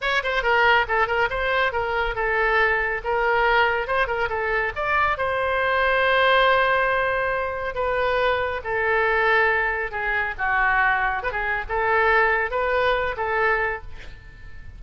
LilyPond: \new Staff \with { instrumentName = "oboe" } { \time 4/4 \tempo 4 = 139 cis''8 c''8 ais'4 a'8 ais'8 c''4 | ais'4 a'2 ais'4~ | ais'4 c''8 ais'8 a'4 d''4 | c''1~ |
c''2 b'2 | a'2. gis'4 | fis'2 b'16 gis'8. a'4~ | a'4 b'4. a'4. | }